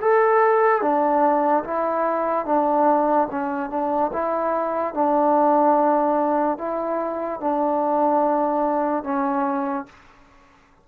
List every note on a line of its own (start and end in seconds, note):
0.00 0.81 A4
0.81 1.64 D4
1.64 2.45 E4
2.45 3.28 D4
3.31 3.70 C#4
3.70 4.11 D4
4.13 4.94 E4
4.94 6.58 D4
6.58 7.40 E4
7.40 9.03 D4
9.03 9.86 C#4